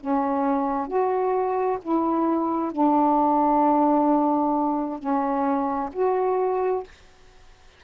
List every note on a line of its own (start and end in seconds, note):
0.00 0.87 C#4
0.87 1.78 F#4
1.82 2.71 E4
2.71 4.98 D4
4.98 5.89 C#4
5.92 6.83 F#4